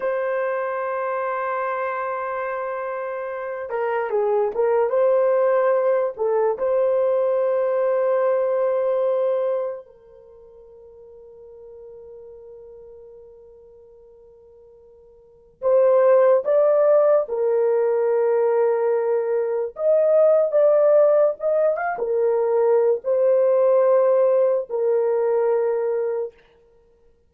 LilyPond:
\new Staff \with { instrumentName = "horn" } { \time 4/4 \tempo 4 = 73 c''1~ | c''8 ais'8 gis'8 ais'8 c''4. a'8 | c''1 | ais'1~ |
ais'2. c''4 | d''4 ais'2. | dis''4 d''4 dis''8 f''16 ais'4~ ais'16 | c''2 ais'2 | }